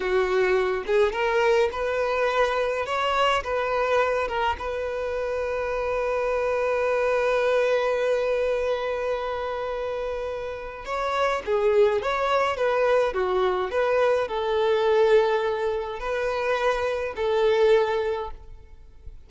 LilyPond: \new Staff \with { instrumentName = "violin" } { \time 4/4 \tempo 4 = 105 fis'4. gis'8 ais'4 b'4~ | b'4 cis''4 b'4. ais'8 | b'1~ | b'1~ |
b'2. cis''4 | gis'4 cis''4 b'4 fis'4 | b'4 a'2. | b'2 a'2 | }